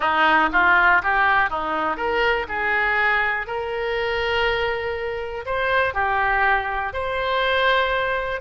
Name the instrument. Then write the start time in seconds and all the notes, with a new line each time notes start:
oboe
0.00 D#4
0.52 F4
1.03 G4
1.50 D#4
1.97 A#4
2.48 G#4
3.46 A#4
5.45 C5
5.93 G4
6.93 C5